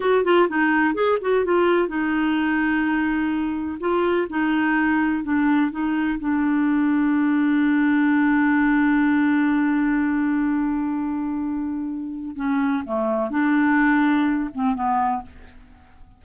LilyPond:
\new Staff \with { instrumentName = "clarinet" } { \time 4/4 \tempo 4 = 126 fis'8 f'8 dis'4 gis'8 fis'8 f'4 | dis'1 | f'4 dis'2 d'4 | dis'4 d'2.~ |
d'1~ | d'1~ | d'2 cis'4 a4 | d'2~ d'8 c'8 b4 | }